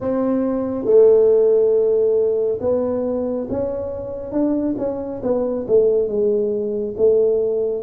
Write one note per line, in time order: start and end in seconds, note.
0.00 0.84 C4
0.84 2.58 A3
2.60 3.47 B3
3.49 4.32 C#4
4.32 4.75 D4
4.78 5.21 C#4
5.22 5.66 B3
5.68 6.08 A3
6.08 6.94 G#3
6.97 7.83 A3